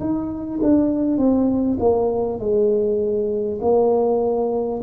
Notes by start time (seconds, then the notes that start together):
0.00 D#4
0.63 D4
1.18 C4
1.79 A#3
2.39 G#3
3.62 A#3